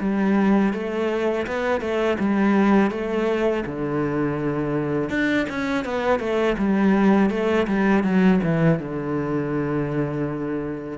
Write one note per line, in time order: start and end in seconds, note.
0.00 0.73 G3
0.73 1.46 A3
1.47 1.81 B3
1.81 2.17 A3
2.19 2.91 G3
2.91 3.64 A3
3.66 5.10 D3
5.10 5.46 D4
5.49 5.85 C#4
5.85 6.19 B3
6.19 6.56 A3
6.58 7.30 G3
7.30 7.67 A3
7.67 8.03 G3
8.03 8.40 F#3
8.43 8.79 E3
8.79 10.98 D3